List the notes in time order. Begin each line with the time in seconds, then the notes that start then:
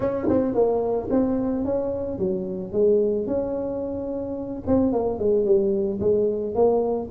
0.00 C#4
0.29 C4
0.54 A#3
1.10 C4
1.64 C#4
2.18 F#3
2.72 G#3
3.26 C#4
4.66 C4
4.92 A#3
5.18 G#3
5.45 G3
6.00 G#3
6.54 A#3